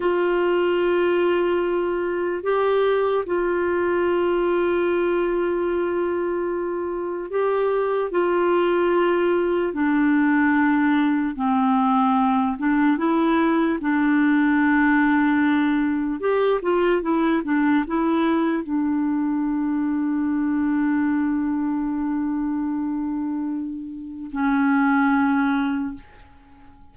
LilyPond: \new Staff \with { instrumentName = "clarinet" } { \time 4/4 \tempo 4 = 74 f'2. g'4 | f'1~ | f'4 g'4 f'2 | d'2 c'4. d'8 |
e'4 d'2. | g'8 f'8 e'8 d'8 e'4 d'4~ | d'1~ | d'2 cis'2 | }